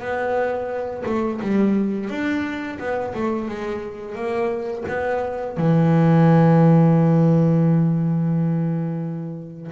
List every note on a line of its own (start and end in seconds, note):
0.00 1.03 B3
1.06 1.41 A3
1.42 2.10 G3
2.10 2.79 D4
2.79 3.14 B3
3.14 3.49 A3
3.49 4.15 G#3
4.15 4.84 A#3
4.88 5.57 B3
5.57 9.71 E3